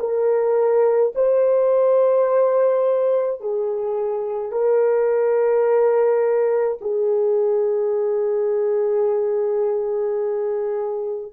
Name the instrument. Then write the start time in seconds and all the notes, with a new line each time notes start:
horn
0.00 A#4
1.15 C5
3.41 G#4
4.52 A#4
6.81 G#4